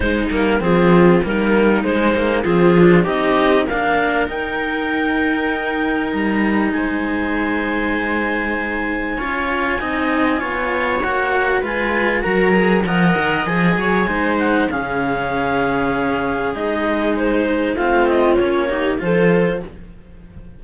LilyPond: <<
  \new Staff \with { instrumentName = "clarinet" } { \time 4/4 \tempo 4 = 98 c''8 ais'8 gis'4 ais'4 c''4 | gis'4 dis''4 f''4 g''4~ | g''2 ais''4 gis''4~ | gis''1~ |
gis''2 fis''4 gis''4 | ais''4 fis''4 gis''4. fis''8 | f''2. dis''4 | c''4 f''8 dis''8 cis''4 c''4 | }
  \new Staff \with { instrumentName = "viola" } { \time 4/4 dis'4 f'4 dis'2 | f'4 g'4 ais'2~ | ais'2. c''4~ | c''2. cis''4 |
dis''4 cis''2 b'4 | ais'4 dis''4. cis''8 c''4 | gis'1~ | gis'4 f'4. g'8 a'4 | }
  \new Staff \with { instrumentName = "cello" } { \time 4/4 gis8 ais8 c'4 ais4 gis8 ais8 | c'8 d'8 dis'4 d'4 dis'4~ | dis'1~ | dis'2. f'4 |
dis'4 f'4 fis'4 f'4 | fis'8 gis'8 ais'4 gis'4 dis'4 | cis'2. dis'4~ | dis'4 c'4 cis'8 dis'8 f'4 | }
  \new Staff \with { instrumentName = "cello" } { \time 4/4 gis8 g8 f4 g4 gis4 | f4 c'4 ais4 dis'4~ | dis'2 g4 gis4~ | gis2. cis'4 |
c'4 b4 ais4 gis4 | fis4 f8 dis8 f8 fis8 gis4 | cis2. gis4~ | gis4 a4 ais4 f4 | }
>>